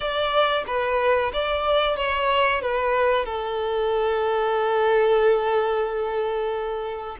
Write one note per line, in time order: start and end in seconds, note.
0.00 0.64 D5
0.67 1.32 B4
1.33 1.96 D5
1.96 2.61 C#5
2.61 3.25 B4
3.25 7.16 A4